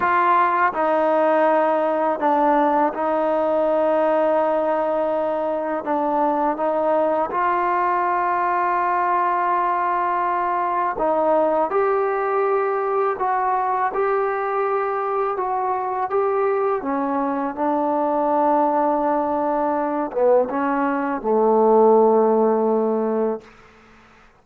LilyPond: \new Staff \with { instrumentName = "trombone" } { \time 4/4 \tempo 4 = 82 f'4 dis'2 d'4 | dis'1 | d'4 dis'4 f'2~ | f'2. dis'4 |
g'2 fis'4 g'4~ | g'4 fis'4 g'4 cis'4 | d'2.~ d'8 b8 | cis'4 a2. | }